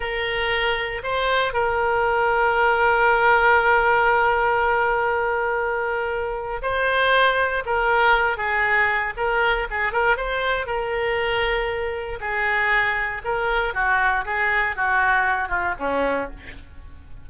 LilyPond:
\new Staff \with { instrumentName = "oboe" } { \time 4/4 \tempo 4 = 118 ais'2 c''4 ais'4~ | ais'1~ | ais'1~ | ais'4 c''2 ais'4~ |
ais'8 gis'4. ais'4 gis'8 ais'8 | c''4 ais'2. | gis'2 ais'4 fis'4 | gis'4 fis'4. f'8 cis'4 | }